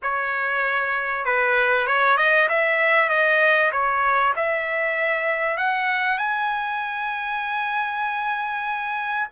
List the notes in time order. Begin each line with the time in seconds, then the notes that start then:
0.02 C#5
1.25 B4
1.86 C#5
2.16 D#5
2.49 E5
3.09 D#5
3.71 C#5
4.36 E5
5.57 F#5
6.18 G#5